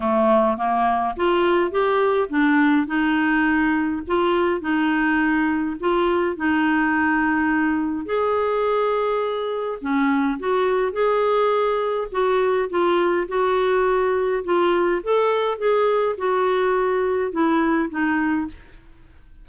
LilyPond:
\new Staff \with { instrumentName = "clarinet" } { \time 4/4 \tempo 4 = 104 a4 ais4 f'4 g'4 | d'4 dis'2 f'4 | dis'2 f'4 dis'4~ | dis'2 gis'2~ |
gis'4 cis'4 fis'4 gis'4~ | gis'4 fis'4 f'4 fis'4~ | fis'4 f'4 a'4 gis'4 | fis'2 e'4 dis'4 | }